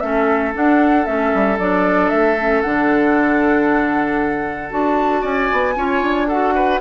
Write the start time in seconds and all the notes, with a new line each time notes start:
0.00 A3 C#4 A4 E5
0.53 D4 F#5
1.05 A3 C#4 E5
1.34 G3
1.59 F#3 D4 D5
2.09 A3 E5
2.39 C#4
2.62 D3 D4 F#5
4.70 D4 F#4 A5
5.21 C#4 D5 G#5
5.52 B3
5.76 C#4 F4 C#5
6.02 D4
6.27 F#4 A4 F#5
6.55 B4